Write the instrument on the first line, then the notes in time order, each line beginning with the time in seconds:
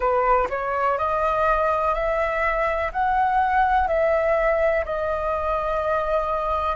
flute
0.00 B4
0.49 C#5
0.98 D#5
1.94 E5
2.92 F#5
3.87 E5
4.85 D#5